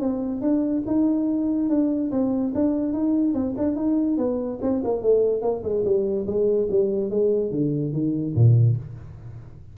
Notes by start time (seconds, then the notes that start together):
0.00 C4
0.41 D4
0.87 D#4
1.70 D4
2.11 C4
2.55 D4
2.93 D#4
3.34 C4
3.58 D4
3.76 D#4
4.17 B3
4.62 C4
4.84 A#3
5.02 A3
5.42 A#3
5.63 G#3
5.85 G3
6.27 G#3
6.71 G3
7.10 G#3
7.51 D3
7.93 D#3
8.35 A#2